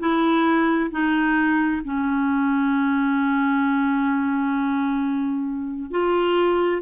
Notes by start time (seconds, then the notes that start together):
0.00 E4
0.91 D#4
1.85 C#4
5.91 F4